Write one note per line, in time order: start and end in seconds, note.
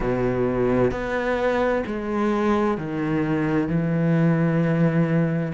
0.00 0.91 B2
0.91 1.83 B3
1.86 2.77 G#3
2.77 3.68 D#3
3.68 5.53 E3